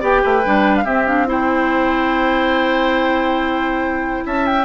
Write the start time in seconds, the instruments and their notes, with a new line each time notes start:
0.00 bassoon B3, clarinet G4, oboe D5, flute G5
0.23 bassoon A3, oboe B4
0.44 bassoon G3, clarinet D4
0.77 flute F5
0.84 clarinet C4, bassoon C4, oboe G4, flute E5
1.06 clarinet D4, flute F5
1.26 clarinet E4, oboe C5, flute G5
4.25 bassoon C#4, oboe E5, flute A5
4.46 flute G5